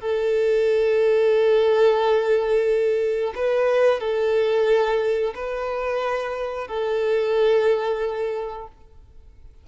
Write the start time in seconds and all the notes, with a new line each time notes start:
0.00 A4
3.35 B4
4.00 A4
5.35 B4
6.68 A4